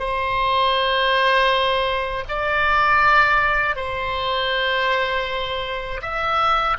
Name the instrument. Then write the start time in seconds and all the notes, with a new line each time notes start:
oboe
0.00 C5
2.29 D5
3.76 C5
6.02 E5